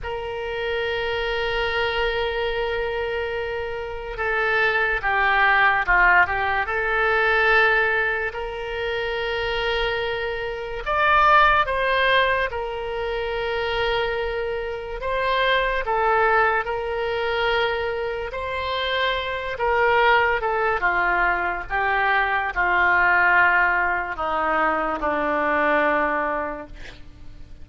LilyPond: \new Staff \with { instrumentName = "oboe" } { \time 4/4 \tempo 4 = 72 ais'1~ | ais'4 a'4 g'4 f'8 g'8 | a'2 ais'2~ | ais'4 d''4 c''4 ais'4~ |
ais'2 c''4 a'4 | ais'2 c''4. ais'8~ | ais'8 a'8 f'4 g'4 f'4~ | f'4 dis'4 d'2 | }